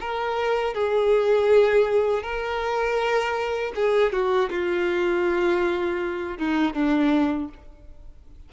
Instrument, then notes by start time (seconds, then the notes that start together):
violin
0.00 A#4
0.74 G#4
2.22 A#4
3.75 G#4
4.12 F#4
4.50 F4
6.38 D#4
6.73 D4